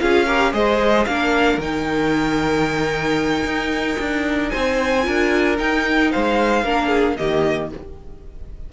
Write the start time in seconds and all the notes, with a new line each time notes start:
0.00 C#4 F4 G#4 F5
0.26 G4 A#4
0.53 G#3 G#4 C5 D#5
1.06 A#3 D4 A#4 F5
1.58 D#3 D#4 G5
3.44 D#4
3.99 D4
4.50 C4 C5 G#5
5.03 D4 F4 A#4
5.58 D#4 G5
6.12 G#3 C5 F5
6.64 A#3 D4 A#4
6.88 G#4
7.17 D#3 A#3 G4 D#5